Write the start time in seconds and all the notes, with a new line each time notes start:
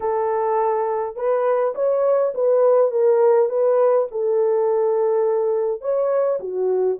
0.00 A4
1.15 B4
1.74 C#5
2.34 B4
2.91 A#4
3.49 B4
4.11 A4
5.81 C#5
6.39 F#4